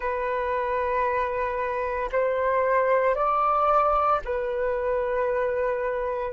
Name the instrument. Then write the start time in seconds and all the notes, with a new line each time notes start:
flute
0.00 B4
2.11 C5
3.15 D5
4.24 B4